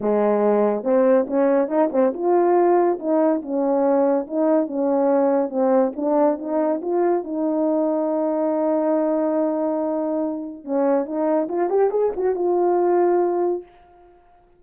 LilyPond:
\new Staff \with { instrumentName = "horn" } { \time 4/4 \tempo 4 = 141 gis2 c'4 cis'4 | dis'8 c'8 f'2 dis'4 | cis'2 dis'4 cis'4~ | cis'4 c'4 d'4 dis'4 |
f'4 dis'2.~ | dis'1~ | dis'4 cis'4 dis'4 f'8 g'8 | gis'8 fis'8 f'2. | }